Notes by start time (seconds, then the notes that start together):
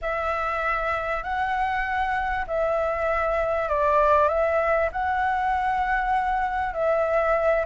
0.01 E5
1.23 F#5
2.47 E5
3.68 D5
4.28 E5
4.92 F#5
6.73 E5